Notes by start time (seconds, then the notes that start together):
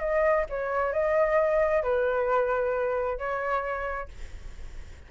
0.00 D#5
0.49 C#5
0.93 D#5
1.83 B4
3.18 C#5